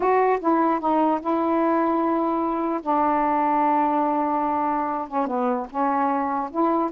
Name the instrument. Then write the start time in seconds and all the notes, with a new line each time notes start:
saxophone
0.00 F#4
0.40 E4
0.79 D#4
1.20 E4
2.82 D4
5.08 C#4
5.26 B3
5.70 C#4
6.50 E4